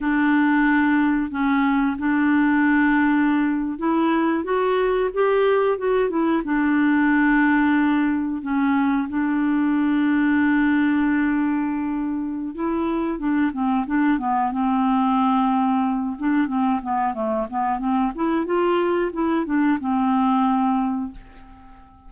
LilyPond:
\new Staff \with { instrumentName = "clarinet" } { \time 4/4 \tempo 4 = 91 d'2 cis'4 d'4~ | d'4.~ d'16 e'4 fis'4 g'16~ | g'8. fis'8 e'8 d'2~ d'16~ | d'8. cis'4 d'2~ d'16~ |
d'2. e'4 | d'8 c'8 d'8 b8 c'2~ | c'8 d'8 c'8 b8 a8 b8 c'8 e'8 | f'4 e'8 d'8 c'2 | }